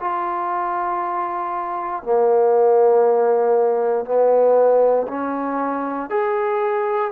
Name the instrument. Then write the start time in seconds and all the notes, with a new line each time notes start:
trombone
0.00 F4
2.02 A#3
4.05 B3
5.08 C#4
6.09 G#4